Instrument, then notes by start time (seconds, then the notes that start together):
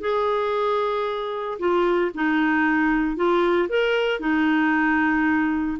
clarinet
0.00 G#4
1.58 F4
2.14 D#4
3.16 F4
3.68 A#4
4.19 D#4